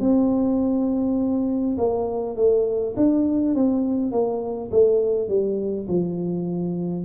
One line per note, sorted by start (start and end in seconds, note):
0.00 1.76 C4
1.78 2.36 A#3
2.36 2.95 A3
2.96 3.55 D4
3.55 4.12 C4
4.12 4.71 A#3
4.71 5.28 A3
5.28 5.87 G3
5.88 7.05 F3